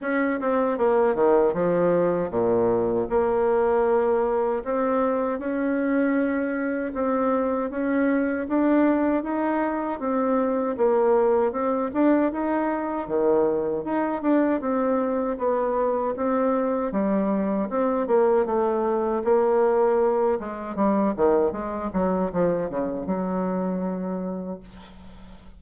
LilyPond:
\new Staff \with { instrumentName = "bassoon" } { \time 4/4 \tempo 4 = 78 cis'8 c'8 ais8 dis8 f4 ais,4 | ais2 c'4 cis'4~ | cis'4 c'4 cis'4 d'4 | dis'4 c'4 ais4 c'8 d'8 |
dis'4 dis4 dis'8 d'8 c'4 | b4 c'4 g4 c'8 ais8 | a4 ais4. gis8 g8 dis8 | gis8 fis8 f8 cis8 fis2 | }